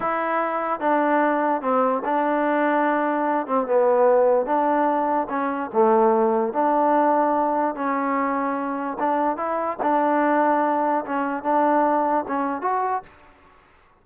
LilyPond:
\new Staff \with { instrumentName = "trombone" } { \time 4/4 \tempo 4 = 147 e'2 d'2 | c'4 d'2.~ | d'8 c'8 b2 d'4~ | d'4 cis'4 a2 |
d'2. cis'4~ | cis'2 d'4 e'4 | d'2. cis'4 | d'2 cis'4 fis'4 | }